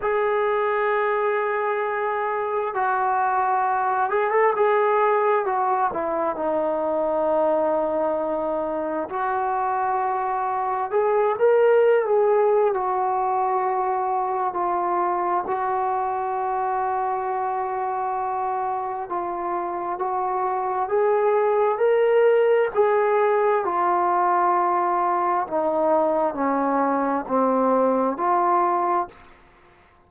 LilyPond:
\new Staff \with { instrumentName = "trombone" } { \time 4/4 \tempo 4 = 66 gis'2. fis'4~ | fis'8 gis'16 a'16 gis'4 fis'8 e'8 dis'4~ | dis'2 fis'2 | gis'8 ais'8. gis'8. fis'2 |
f'4 fis'2.~ | fis'4 f'4 fis'4 gis'4 | ais'4 gis'4 f'2 | dis'4 cis'4 c'4 f'4 | }